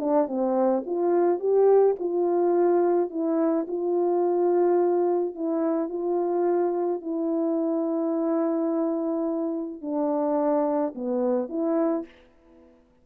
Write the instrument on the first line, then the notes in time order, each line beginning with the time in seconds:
horn
0.00 D4
0.28 C4
0.86 F4
1.40 G4
2.00 F4
3.10 E4
3.68 F4
5.35 E4
5.89 F4
7.02 E4
9.82 D4
10.95 B3
11.50 E4